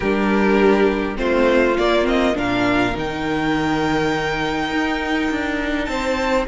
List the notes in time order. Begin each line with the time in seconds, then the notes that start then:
0.00 G3 D4 G4 A#4
1.15 A3 C4 F4 C5
1.77 A#3 D5
2.03 C4 D#5
2.34 A#2 D4 A#4 F5
2.94 D#3 D#4 G5
4.71 D#4
5.30 D4
5.84 C4 C5 A5